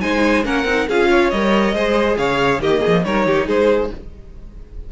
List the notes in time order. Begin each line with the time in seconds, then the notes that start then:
0.00 G#3 D#4 C5 G#5
0.43 A#3 C#4 A#4 F#5
0.64 C4 D#4
0.87 C#4 F4 G#4 F5
1.10 C#5
1.30 G3 A#4 D#5
1.73 G#3 G#4 C5
2.17 C#3 C#5 F5
2.59 D#3 A#3 G4 D#5
2.79 G#4
2.86 F3
3.04 G3 D#4 A#4 C#5
3.26 D#3 G4
3.46 G#3 G#4 C5